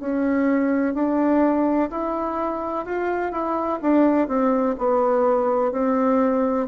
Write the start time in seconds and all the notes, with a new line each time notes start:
0.00 C#4
0.94 D4
1.90 E4
2.85 F4
3.32 E4
3.82 D4
4.28 C4
4.78 B3
5.72 C4